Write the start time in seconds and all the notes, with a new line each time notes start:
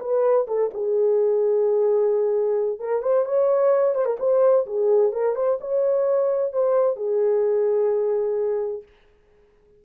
0.00 B4
0.47 A4
0.74 G#4
2.79 A#4
3.02 C5
3.25 C#5
3.95 C5
4.05 A#4
4.19 C5
4.66 G#4
5.12 A#4
5.36 C5
5.60 C#5
6.52 C5
6.96 G#4